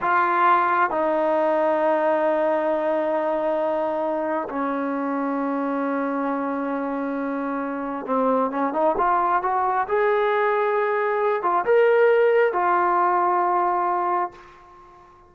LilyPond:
\new Staff \with { instrumentName = "trombone" } { \time 4/4 \tempo 4 = 134 f'2 dis'2~ | dis'1~ | dis'2 cis'2~ | cis'1~ |
cis'2 c'4 cis'8 dis'8 | f'4 fis'4 gis'2~ | gis'4. f'8 ais'2 | f'1 | }